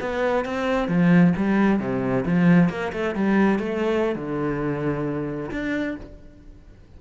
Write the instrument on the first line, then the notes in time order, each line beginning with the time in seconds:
cello
0.00 B3
0.45 C4
0.88 F3
1.37 G3
1.79 C3
2.25 F3
2.69 A#3
2.93 A3
3.15 G3
3.59 A3
4.15 D3
5.51 D4